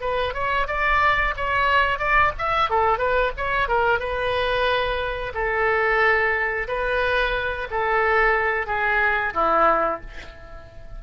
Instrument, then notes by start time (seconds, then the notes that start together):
oboe
0.00 B4
0.33 C#5
0.67 D5
1.36 C#5
1.98 D5
2.38 E5
2.69 A4
2.98 B4
3.36 C#5
3.68 A#4
3.99 B4
5.34 A4
6.67 B4
7.70 A4
8.66 G#4
9.33 E4